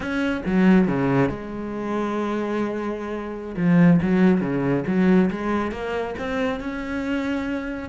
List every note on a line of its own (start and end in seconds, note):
0.00 0.41 C#4
0.46 0.87 F#3
0.87 1.29 C#3
1.29 3.55 G#3
3.57 4.00 F3
4.02 4.40 F#3
4.40 4.83 C#3
4.86 5.30 F#3
5.30 5.71 G#3
5.71 6.15 A#3
6.18 6.60 C4
6.60 7.89 C#4